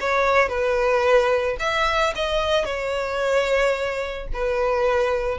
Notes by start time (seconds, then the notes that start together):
0.00 C#5
0.48 B4
1.59 E5
2.15 D#5
2.65 C#5
4.33 B4